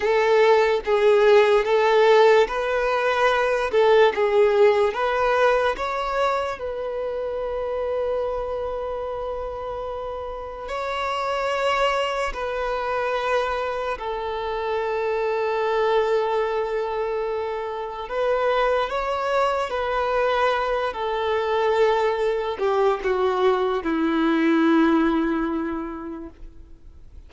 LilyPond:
\new Staff \with { instrumentName = "violin" } { \time 4/4 \tempo 4 = 73 a'4 gis'4 a'4 b'4~ | b'8 a'8 gis'4 b'4 cis''4 | b'1~ | b'4 cis''2 b'4~ |
b'4 a'2.~ | a'2 b'4 cis''4 | b'4. a'2 g'8 | fis'4 e'2. | }